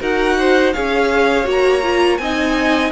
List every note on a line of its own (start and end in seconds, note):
0.00 0.73 D#4
0.00 0.73 F#4
0.00 0.37 A#4
0.00 0.73 F#5
0.38 0.74 C5
0.73 1.46 C#4
0.73 1.44 G#4
0.73 2.20 C#5
0.73 1.46 F5
1.44 2.18 A#3
1.44 1.81 F#4
1.51 2.17 A#5
1.83 2.20 F4
2.17 2.92 C4
2.17 2.92 D#4
2.17 2.92 D#5
2.17 2.91 G#5